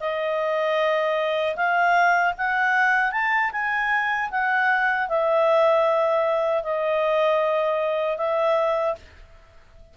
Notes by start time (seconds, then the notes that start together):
0.00 D#5
1.56 F5
2.38 F#5
3.12 A5
3.52 G#5
4.31 F#5
5.09 E5
6.63 D#5
8.17 E5